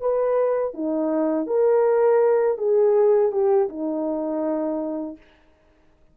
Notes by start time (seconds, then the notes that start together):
0.00 B4
0.74 D#4
1.46 A#4
2.58 G#4
3.31 G4
3.69 D#4